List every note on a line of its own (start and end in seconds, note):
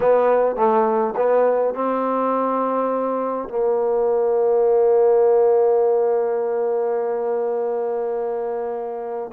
0.00 0.56 B3
0.56 1.14 A3
1.16 1.74 B3
1.74 3.48 C4
3.48 9.31 A#3